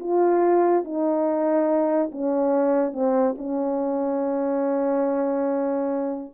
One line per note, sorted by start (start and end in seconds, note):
0.00 0.85 F4
0.85 2.11 D#4
2.12 2.93 C#4
2.93 3.36 C4
3.38 6.34 C#4